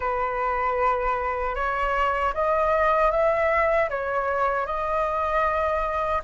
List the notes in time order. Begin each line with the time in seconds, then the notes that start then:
0.00 B4
1.55 C#5
2.33 D#5
3.11 E5
3.89 C#5
4.65 D#5